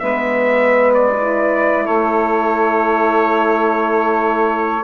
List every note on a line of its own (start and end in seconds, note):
0.00 1.87 G#3
0.00 1.16 B3
0.00 1.85 B4
0.00 0.92 E5
0.94 1.86 D5
1.17 4.84 E4
1.85 4.84 A3
1.85 4.84 A4
1.85 4.84 C#5